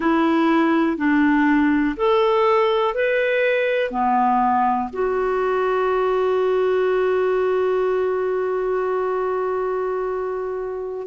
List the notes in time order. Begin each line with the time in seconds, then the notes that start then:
0.00 E4
0.97 D4
1.97 A4
2.94 B4
3.90 B3
4.92 F#4